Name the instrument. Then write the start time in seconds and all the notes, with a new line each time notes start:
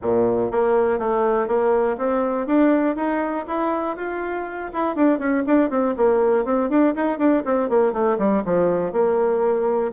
bassoon
0.02 A#2
0.51 A#3
0.98 A3
1.47 A#3
1.97 C4
2.46 D4
2.95 D#4
3.47 E4
3.96 F4
4.73 E4
4.95 D4
5.18 C#4
5.46 D4
5.70 C4
5.96 A#3
6.44 C4
6.69 D4
6.95 D#4
7.18 D4
7.45 C4
7.69 A#3
7.92 A3
8.18 G3
8.44 F3
8.92 A#3